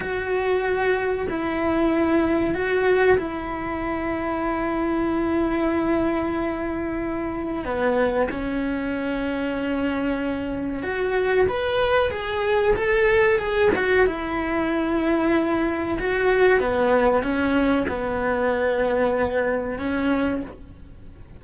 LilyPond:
\new Staff \with { instrumentName = "cello" } { \time 4/4 \tempo 4 = 94 fis'2 e'2 | fis'4 e'2.~ | e'1 | b4 cis'2.~ |
cis'4 fis'4 b'4 gis'4 | a'4 gis'8 fis'8 e'2~ | e'4 fis'4 b4 cis'4 | b2. cis'4 | }